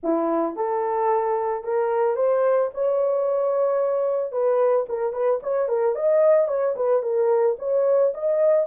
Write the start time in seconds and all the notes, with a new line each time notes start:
0.03 E4
0.56 A4
1.63 A#4
2.16 C5
2.74 C#5
4.32 B4
4.88 A#4
5.12 B4
5.43 C#5
5.68 A#4
5.95 D#5
6.48 C#5
6.76 B4
7.02 A#4
7.58 C#5
8.14 D#5